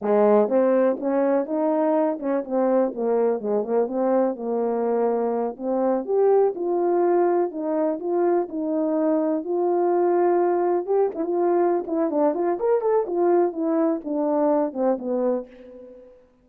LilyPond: \new Staff \with { instrumentName = "horn" } { \time 4/4 \tempo 4 = 124 gis4 c'4 cis'4 dis'4~ | dis'8 cis'8 c'4 ais4 gis8 ais8 | c'4 ais2~ ais8 c'8~ | c'8 g'4 f'2 dis'8~ |
dis'8 f'4 dis'2 f'8~ | f'2~ f'8 g'8 e'16 f'8.~ | f'8 e'8 d'8 f'8 ais'8 a'8 f'4 | e'4 d'4. c'8 b4 | }